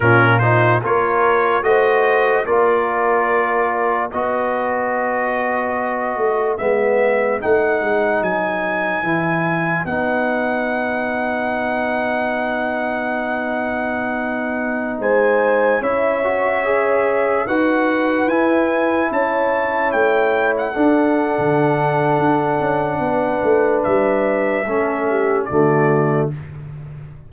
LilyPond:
<<
  \new Staff \with { instrumentName = "trumpet" } { \time 4/4 \tempo 4 = 73 ais'8 c''8 cis''4 dis''4 d''4~ | d''4 dis''2. | e''4 fis''4 gis''2 | fis''1~ |
fis''2~ fis''16 gis''4 e''8.~ | e''4~ e''16 fis''4 gis''4 a''8.~ | a''16 g''8. fis''2.~ | fis''4 e''2 d''4 | }
  \new Staff \with { instrumentName = "horn" } { \time 4/4 f'4 ais'4 c''4 ais'4~ | ais'4 b'2.~ | b'1~ | b'1~ |
b'2~ b'16 c''4 cis''8.~ | cis''4~ cis''16 b'2 cis''8.~ | cis''4~ cis''16 a'2~ a'8. | b'2 a'8 g'8 fis'4 | }
  \new Staff \with { instrumentName = "trombone" } { \time 4/4 cis'8 dis'8 f'4 fis'4 f'4~ | f'4 fis'2. | b4 dis'2 e'4 | dis'1~ |
dis'2.~ dis'16 e'8 fis'16~ | fis'16 gis'4 fis'4 e'4.~ e'16~ | e'4~ e'16 d'2~ d'8.~ | d'2 cis'4 a4 | }
  \new Staff \with { instrumentName = "tuba" } { \time 4/4 ais,4 ais4 a4 ais4~ | ais4 b2~ b8 a8 | gis4 a8 gis8 fis4 e4 | b1~ |
b2~ b16 gis4 cis'8.~ | cis'4~ cis'16 dis'4 e'4 cis'8.~ | cis'16 a4 d'8. d4 d'8 cis'8 | b8 a8 g4 a4 d4 | }
>>